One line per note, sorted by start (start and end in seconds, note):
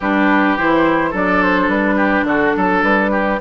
0.00 0.57 G3
0.00 0.58 D4
0.00 1.10 G4
0.00 0.57 B4
0.57 1.13 E3
0.57 1.13 E4
0.57 1.14 C5
1.10 1.68 F#3
1.10 3.39 D4
1.10 1.95 A4
1.10 1.43 D5
1.43 1.69 C5
1.68 2.23 G3
1.68 2.25 B4
1.96 2.24 G4
2.23 2.52 D3
2.23 2.56 F#4
2.23 2.83 A4
2.56 2.83 F#3
2.56 3.11 A4
2.83 3.39 G3
2.83 3.40 B4
3.11 3.39 G4